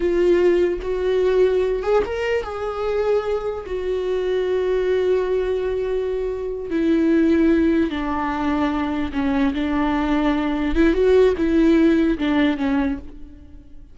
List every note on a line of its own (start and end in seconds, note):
0.00 0.79 F4
0.81 1.82 F#4
1.82 2.03 G#4
2.05 2.43 A#4
2.43 3.64 G#4
3.66 6.70 F#4
6.70 7.90 E4
7.90 9.12 D4
9.13 9.53 C#4
9.54 10.75 D4
10.75 10.93 E4
10.93 11.34 F#4
11.37 12.18 E4
12.18 12.57 D4
12.57 12.97 C#4